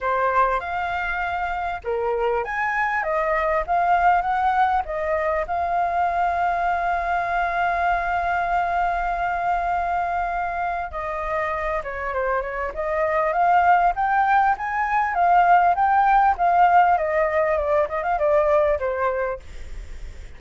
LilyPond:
\new Staff \with { instrumentName = "flute" } { \time 4/4 \tempo 4 = 99 c''4 f''2 ais'4 | gis''4 dis''4 f''4 fis''4 | dis''4 f''2.~ | f''1~ |
f''2 dis''4. cis''8 | c''8 cis''8 dis''4 f''4 g''4 | gis''4 f''4 g''4 f''4 | dis''4 d''8 dis''16 f''16 d''4 c''4 | }